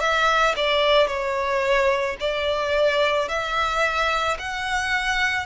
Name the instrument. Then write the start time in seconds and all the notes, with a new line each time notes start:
violin
0.00 E5
0.56 D5
1.08 C#5
2.20 D5
3.28 E5
4.39 F#5